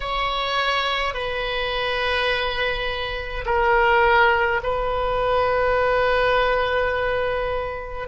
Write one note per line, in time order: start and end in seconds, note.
0.00 1.14 C#5
1.14 3.45 B4
3.45 4.60 A#4
4.63 8.08 B4